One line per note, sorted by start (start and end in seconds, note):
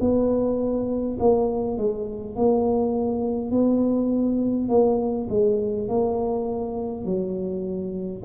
0.00 1.18 B3
1.19 1.77 A#3
1.77 2.35 G#3
2.35 3.51 A#3
3.51 4.68 B3
4.68 5.27 A#3
5.29 5.88 G#3
5.88 7.05 A#3
7.05 8.22 F#3